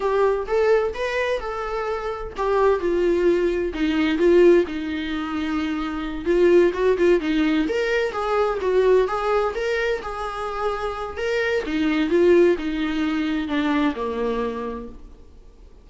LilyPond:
\new Staff \with { instrumentName = "viola" } { \time 4/4 \tempo 4 = 129 g'4 a'4 b'4 a'4~ | a'4 g'4 f'2 | dis'4 f'4 dis'2~ | dis'4. f'4 fis'8 f'8 dis'8~ |
dis'8 ais'4 gis'4 fis'4 gis'8~ | gis'8 ais'4 gis'2~ gis'8 | ais'4 dis'4 f'4 dis'4~ | dis'4 d'4 ais2 | }